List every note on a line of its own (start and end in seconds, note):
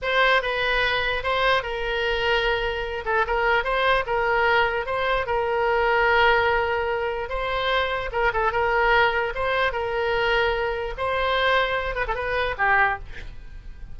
0.02 0.42 C5
0.42 1.23 B4
1.23 1.62 C5
1.62 3.04 A#4
3.05 3.25 A4
3.26 3.64 A#4
3.64 4.04 C5
4.06 4.85 A#4
4.85 5.26 C5
5.26 7.29 A#4
7.29 8.10 C5
8.11 8.32 A#4
8.33 8.52 A4
8.52 9.33 A#4
9.34 9.72 C5
9.72 10.93 A#4
10.97 11.95 C5
11.95 12.05 B4
12.07 12.14 A4
12.14 12.55 B4
12.58 12.98 G4